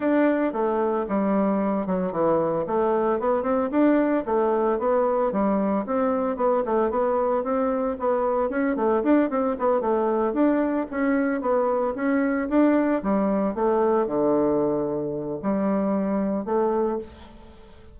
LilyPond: \new Staff \with { instrumentName = "bassoon" } { \time 4/4 \tempo 4 = 113 d'4 a4 g4. fis8 | e4 a4 b8 c'8 d'4 | a4 b4 g4 c'4 | b8 a8 b4 c'4 b4 |
cis'8 a8 d'8 c'8 b8 a4 d'8~ | d'8 cis'4 b4 cis'4 d'8~ | d'8 g4 a4 d4.~ | d4 g2 a4 | }